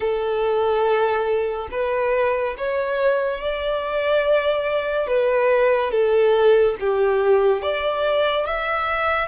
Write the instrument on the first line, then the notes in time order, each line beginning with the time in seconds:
violin
0.00 A4
1.71 B4
2.57 C#5
3.40 D5
5.07 B4
5.91 A4
6.80 G4
7.61 D5
8.45 E5